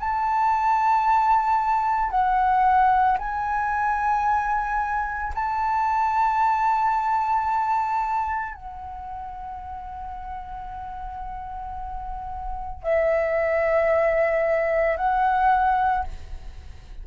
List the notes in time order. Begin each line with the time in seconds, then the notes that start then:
0.00 A5
2.11 F#5
3.19 G#5
5.35 A5
8.55 F#5
12.83 E5
14.97 F#5